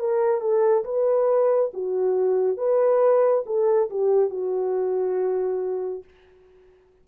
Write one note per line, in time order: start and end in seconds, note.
0.00 0.41 A#4
0.41 0.84 A4
0.85 1.72 B4
1.74 2.57 F#4
2.57 3.44 B4
3.46 3.90 A4
3.90 4.30 G4
4.30 6.04 F#4